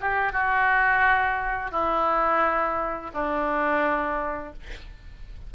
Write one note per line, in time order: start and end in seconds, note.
0.00 0.32 G4
0.32 1.71 F#4
1.71 3.10 E4
3.13 4.53 D4